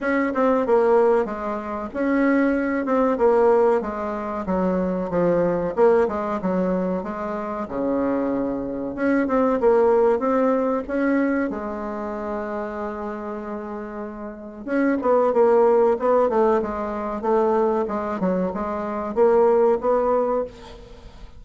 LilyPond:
\new Staff \with { instrumentName = "bassoon" } { \time 4/4 \tempo 4 = 94 cis'8 c'8 ais4 gis4 cis'4~ | cis'8 c'8 ais4 gis4 fis4 | f4 ais8 gis8 fis4 gis4 | cis2 cis'8 c'8 ais4 |
c'4 cis'4 gis2~ | gis2. cis'8 b8 | ais4 b8 a8 gis4 a4 | gis8 fis8 gis4 ais4 b4 | }